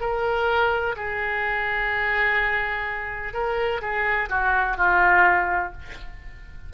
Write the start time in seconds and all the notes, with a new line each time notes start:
0.00 A#4
0.96 G#4
3.33 A#4
3.81 G#4
4.29 F#4
4.77 F4